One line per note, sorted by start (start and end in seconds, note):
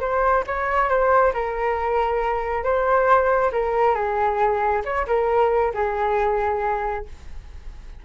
0.00 0.44 C5
0.47 0.89 C#5
0.89 1.33 C5
1.33 2.64 A#4
2.64 3.51 C5
3.52 3.95 A#4
3.95 4.82 G#4
4.85 5.06 C#5
5.07 5.73 A#4
5.74 7.05 G#4